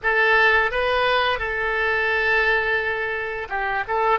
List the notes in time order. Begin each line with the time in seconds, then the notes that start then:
0.02 A4
0.71 B4
1.38 A4
3.49 G4
3.87 A4